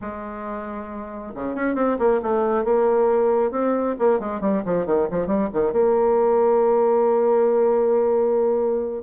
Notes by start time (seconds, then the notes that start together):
0.01 G#3
1.34 C#3
1.55 C#4
1.75 C4
1.99 A#3
2.22 A3
2.64 A#3
3.51 C4
3.98 A#3
4.19 G#3
4.40 G3
4.65 F3
4.85 D#3
5.11 F3
5.26 G3
5.53 D#3
5.72 A#3